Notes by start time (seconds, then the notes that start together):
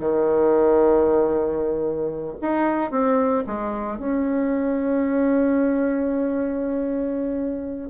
0.00 D#3
2.41 D#4
2.91 C4
3.47 G#3
3.99 C#4